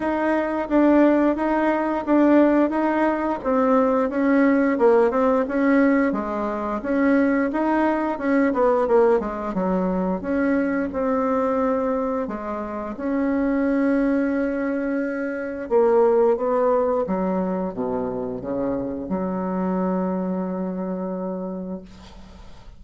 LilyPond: \new Staff \with { instrumentName = "bassoon" } { \time 4/4 \tempo 4 = 88 dis'4 d'4 dis'4 d'4 | dis'4 c'4 cis'4 ais8 c'8 | cis'4 gis4 cis'4 dis'4 | cis'8 b8 ais8 gis8 fis4 cis'4 |
c'2 gis4 cis'4~ | cis'2. ais4 | b4 fis4 b,4 cis4 | fis1 | }